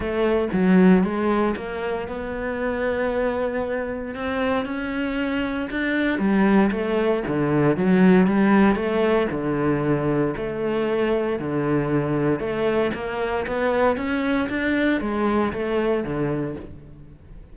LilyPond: \new Staff \with { instrumentName = "cello" } { \time 4/4 \tempo 4 = 116 a4 fis4 gis4 ais4 | b1 | c'4 cis'2 d'4 | g4 a4 d4 fis4 |
g4 a4 d2 | a2 d2 | a4 ais4 b4 cis'4 | d'4 gis4 a4 d4 | }